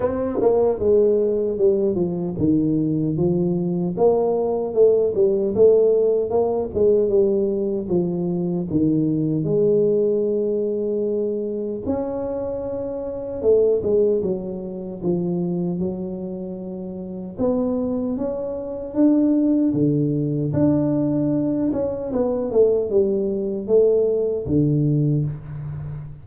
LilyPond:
\new Staff \with { instrumentName = "tuba" } { \time 4/4 \tempo 4 = 76 c'8 ais8 gis4 g8 f8 dis4 | f4 ais4 a8 g8 a4 | ais8 gis8 g4 f4 dis4 | gis2. cis'4~ |
cis'4 a8 gis8 fis4 f4 | fis2 b4 cis'4 | d'4 d4 d'4. cis'8 | b8 a8 g4 a4 d4 | }